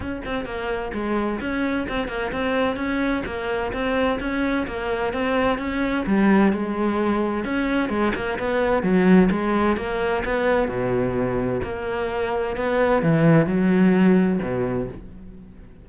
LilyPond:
\new Staff \with { instrumentName = "cello" } { \time 4/4 \tempo 4 = 129 cis'8 c'8 ais4 gis4 cis'4 | c'8 ais8 c'4 cis'4 ais4 | c'4 cis'4 ais4 c'4 | cis'4 g4 gis2 |
cis'4 gis8 ais8 b4 fis4 | gis4 ais4 b4 b,4~ | b,4 ais2 b4 | e4 fis2 b,4 | }